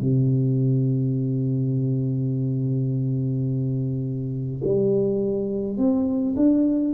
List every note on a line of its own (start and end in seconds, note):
0.00 4.62 C3
4.64 5.77 G3
5.77 6.35 C4
6.36 6.94 D4